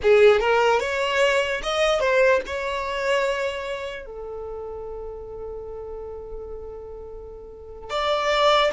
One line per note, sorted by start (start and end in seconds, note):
0.02 0.40 G#4
0.40 0.80 A#4
0.80 1.61 C#5
1.62 2.00 D#5
2.00 2.40 C5
2.46 4.05 C#5
4.05 7.89 A4
7.89 8.71 D5